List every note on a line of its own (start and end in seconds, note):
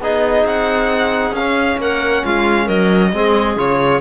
0.00 0.44 B3
0.00 1.35 D#4
0.00 1.79 G#4
0.00 0.46 D#5
0.45 1.32 C4
0.45 1.34 F#5
1.32 1.76 C#4
1.32 1.79 F5
1.38 3.13 C#4
1.77 2.22 A#3
1.77 2.24 A#4
1.77 2.25 F#5
2.24 2.68 G#3
2.24 2.65 F4
2.24 2.68 F5
2.65 3.12 F#3
2.65 3.09 A#4
2.65 3.56 D#5
3.12 3.56 G#3
3.12 3.56 C4
3.12 4.01 G#4
3.56 4.01 C#3
3.56 4.01 F4
3.56 4.01 C#5